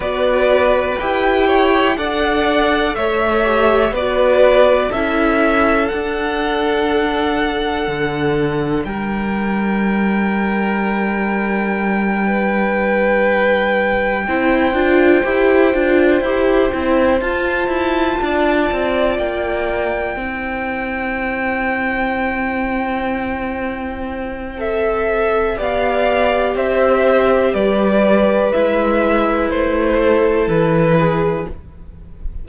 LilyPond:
<<
  \new Staff \with { instrumentName = "violin" } { \time 4/4 \tempo 4 = 61 d''4 g''4 fis''4 e''4 | d''4 e''4 fis''2~ | fis''4 g''2.~ | g''1~ |
g''4. a''2 g''8~ | g''1~ | g''4 e''4 f''4 e''4 | d''4 e''4 c''4 b'4 | }
  \new Staff \with { instrumentName = "violin" } { \time 4/4 b'4. cis''8 d''4 cis''4 | b'4 a'2.~ | a'4 ais'2.~ | ais'8 b'2 c''4.~ |
c''2~ c''8 d''4.~ | d''8 c''2.~ c''8~ | c''2 d''4 c''4 | b'2~ b'8 a'4 gis'8 | }
  \new Staff \with { instrumentName = "viola" } { \time 4/4 fis'4 g'4 a'4. g'8 | fis'4 e'4 d'2~ | d'1~ | d'2~ d'8 e'8 f'8 g'8 |
f'8 g'8 e'8 f'2~ f'8~ | f'8 e'2.~ e'8~ | e'4 a'4 g'2~ | g'4 e'2. | }
  \new Staff \with { instrumentName = "cello" } { \time 4/4 b4 e'4 d'4 a4 | b4 cis'4 d'2 | d4 g2.~ | g2~ g8 c'8 d'8 e'8 |
d'8 e'8 c'8 f'8 e'8 d'8 c'8 ais8~ | ais8 c'2.~ c'8~ | c'2 b4 c'4 | g4 gis4 a4 e4 | }
>>